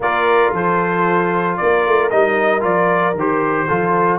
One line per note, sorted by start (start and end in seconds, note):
0.00 0.51 A#3
0.00 2.11 F4
0.00 0.54 A#4
0.00 0.54 D5
0.52 1.57 F3
0.52 1.59 A4
0.52 1.56 C5
1.56 1.86 A#3
1.56 3.66 A#4
1.56 2.09 D5
1.86 2.12 A3
2.10 2.64 G3
2.10 2.60 D#4
2.10 2.62 D#5
2.60 3.14 F3
2.60 3.12 F4
2.60 3.16 D5
3.14 3.67 D#3
3.14 3.68 G4
3.14 4.19 C5
3.66 4.19 F3
3.66 4.19 F4
3.66 4.19 A4